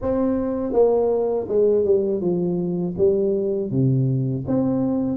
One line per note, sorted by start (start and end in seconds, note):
0.01 0.72 C4
0.72 1.46 A#3
1.48 1.85 G#3
1.85 2.21 G3
2.21 2.95 F3
2.97 3.70 G3
3.70 4.44 C3
4.46 5.17 C4